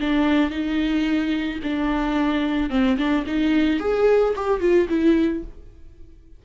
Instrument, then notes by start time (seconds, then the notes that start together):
viola
0.00 D4
0.51 D#4
1.63 D4
2.70 C4
2.98 D4
3.26 D#4
3.80 G#4
4.36 G4
4.61 F4
4.89 E4